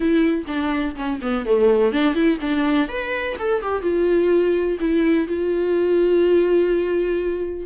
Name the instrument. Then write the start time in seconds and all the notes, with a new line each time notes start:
viola
0.00 E4
0.47 D4
0.95 C#4
1.21 B3
1.45 A3
1.92 D4
2.14 E4
2.40 D4
2.88 B4
3.38 A4
3.62 G4
3.82 F4
4.80 E4
5.27 F4